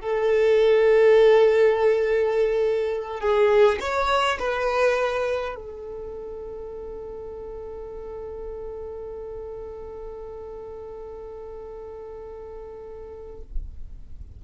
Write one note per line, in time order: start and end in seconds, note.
0.00 3.20 A4
3.20 3.78 G#4
3.80 4.38 C#5
4.39 5.55 B4
5.55 13.42 A4